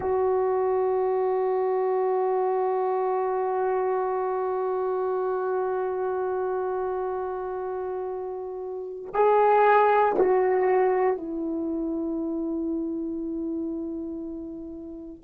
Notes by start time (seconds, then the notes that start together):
0.00 F#4
9.13 G#4
10.18 F#4
11.17 E4